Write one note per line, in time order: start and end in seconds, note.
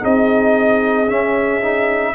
0.00 1.08 C4
0.00 1.07 D#4
0.00 2.15 G#4
0.00 1.09 D#5
1.08 1.61 C#4
1.08 2.15 C#4
1.08 2.15 E5
1.63 2.15 D#4